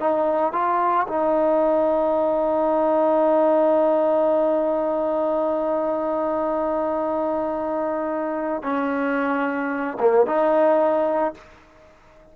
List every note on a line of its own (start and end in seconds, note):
0.00 0.53 D#4
0.53 1.07 F4
1.08 8.63 D#4
8.63 9.98 C#4
10.00 10.26 A#3
10.26 11.34 D#4